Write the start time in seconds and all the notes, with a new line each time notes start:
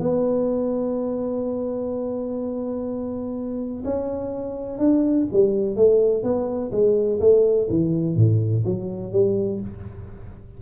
0.00 B3
3.85 C#4
4.79 D4
5.33 G3
5.76 A3
6.24 B3
6.72 G#3
7.20 A3
7.70 E3
8.16 A2
8.65 F#3
9.12 G3